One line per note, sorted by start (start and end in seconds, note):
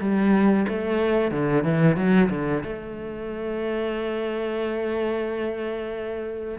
0.00 0.66 G3
0.69 1.31 A3
1.31 1.64 D3
1.64 1.96 E3
1.96 2.29 F#3
2.30 2.63 D3
2.63 6.59 A3